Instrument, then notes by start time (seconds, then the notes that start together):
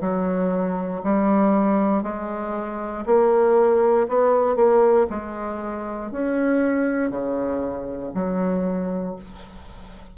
bassoon
0.00 F#3
1.03 G3
2.03 G#3
3.05 A#3
4.08 B3
4.55 A#3
5.09 G#3
6.11 C#4
7.10 C#3
8.14 F#3